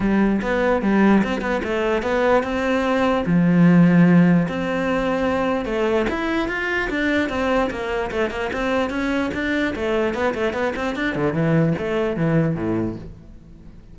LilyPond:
\new Staff \with { instrumentName = "cello" } { \time 4/4 \tempo 4 = 148 g4 b4 g4 c'8 b8 | a4 b4 c'2 | f2. c'4~ | c'2 a4 e'4 |
f'4 d'4 c'4 ais4 | a8 ais8 c'4 cis'4 d'4 | a4 b8 a8 b8 c'8 d'8 d8 | e4 a4 e4 a,4 | }